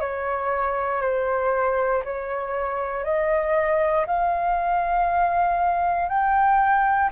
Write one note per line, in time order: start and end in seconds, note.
0.00 1.01 C#5
1.01 2.03 C5
2.04 3.04 C#5
3.04 4.06 D#5
4.07 6.09 F5
6.09 7.10 G5